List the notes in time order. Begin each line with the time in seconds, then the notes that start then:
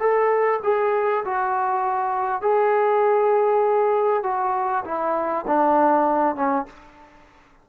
0.00 A4
0.64 G#4
1.25 F#4
2.42 G#4
4.24 F#4
4.85 E4
5.48 D4
6.36 C#4